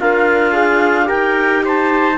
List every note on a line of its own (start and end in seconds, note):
0.00 1.09 D4
0.00 1.07 F4
0.00 0.54 A#4
0.00 1.09 F5
0.54 1.04 G#4
1.04 2.13 G4
1.04 1.62 A#4
1.04 1.64 G5
1.10 2.18 D#4
1.65 2.18 C5
1.65 2.18 A5